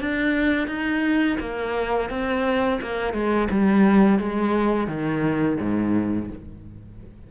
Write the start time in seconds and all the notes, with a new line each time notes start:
0.00 D4
0.67 D#4
1.40 A#3
2.10 C4
2.81 A#3
3.13 G#3
3.50 G3
4.19 G#3
4.87 D#3
5.59 G#2